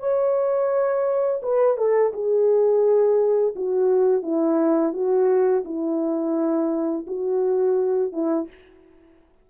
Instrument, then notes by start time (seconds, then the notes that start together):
horn
0.00 C#5
1.43 B4
1.77 A4
2.14 G#4
3.56 F#4
4.23 E4
4.94 F#4
5.65 E4
7.07 F#4
8.13 E4